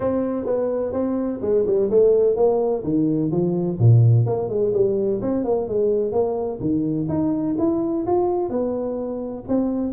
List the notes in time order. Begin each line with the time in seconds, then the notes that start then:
0.00 C4
0.45 B3
0.93 C4
1.41 G#3
1.66 G3
1.90 A3
2.35 A#3
2.83 D#3
3.31 F3
3.79 A#2
4.26 A#3
4.48 G#3
4.73 G3
5.21 C4
5.44 A#3
5.68 G#3
6.11 A#3
6.60 D#3
7.08 D#4
7.58 E4
8.06 F4
8.49 B3
9.48 C4